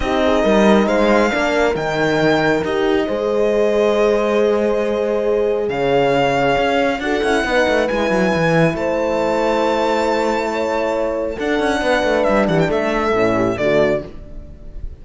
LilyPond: <<
  \new Staff \with { instrumentName = "violin" } { \time 4/4 \tempo 4 = 137 dis''2 f''2 | g''2 dis''2~ | dis''1~ | dis''4 f''2. |
fis''2 gis''2 | a''1~ | a''2 fis''2 | e''8 fis''16 g''16 e''2 d''4 | }
  \new Staff \with { instrumentName = "horn" } { \time 4/4 g'8 gis'8 ais'4 c''4 ais'4~ | ais'2. c''4~ | c''1~ | c''4 cis''2. |
a'4 b'2. | c''1 | cis''2 a'4 b'4~ | b'8 g'8 a'4. g'8 fis'4 | }
  \new Staff \with { instrumentName = "horn" } { \time 4/4 dis'2. d'4 | dis'2 g'4 gis'4~ | gis'1~ | gis'1 |
fis'8 e'8 dis'4 e'2~ | e'1~ | e'2 d'2~ | d'2 cis'4 a4 | }
  \new Staff \with { instrumentName = "cello" } { \time 4/4 c'4 g4 gis4 ais4 | dis2 dis'4 gis4~ | gis1~ | gis4 cis2 cis'4 |
d'8 cis'8 b8 a8 gis8 fis8 e4 | a1~ | a2 d'8 cis'8 b8 a8 | g8 e8 a4 a,4 d4 | }
>>